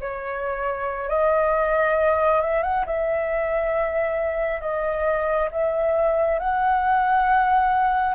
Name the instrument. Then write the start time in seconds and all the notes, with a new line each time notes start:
flute
0.00 C#5
1.08 D#5
2.41 E5
2.63 F#5
2.86 E5
4.60 D#5
5.51 E5
6.39 F#5